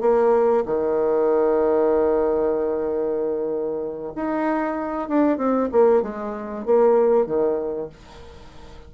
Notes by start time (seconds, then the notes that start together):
0.00 A#3
0.65 D#3
4.15 D#4
5.08 D4
5.37 C4
5.72 A#3
6.02 G#3
6.65 A#3
7.26 D#3